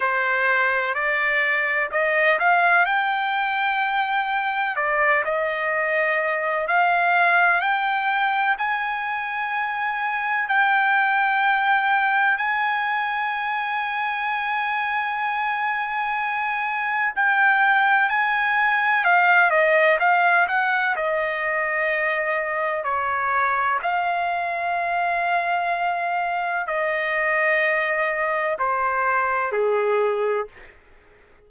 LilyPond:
\new Staff \with { instrumentName = "trumpet" } { \time 4/4 \tempo 4 = 63 c''4 d''4 dis''8 f''8 g''4~ | g''4 d''8 dis''4. f''4 | g''4 gis''2 g''4~ | g''4 gis''2.~ |
gis''2 g''4 gis''4 | f''8 dis''8 f''8 fis''8 dis''2 | cis''4 f''2. | dis''2 c''4 gis'4 | }